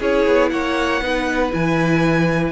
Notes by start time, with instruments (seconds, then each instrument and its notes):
0.00 cello C#4, viola E4, violin G#4 C#5
0.26 cello B3
0.49 cello A#3, violin C#5 F#5
1.01 cello B3, viola D#4, violin B4
1.50 cello E3, viola E4, violin G#5